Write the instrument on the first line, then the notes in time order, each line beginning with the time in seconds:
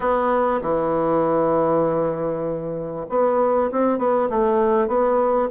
bassoon
0.00 B3
0.61 E3
3.09 B3
3.71 C4
3.98 B3
4.29 A3
4.87 B3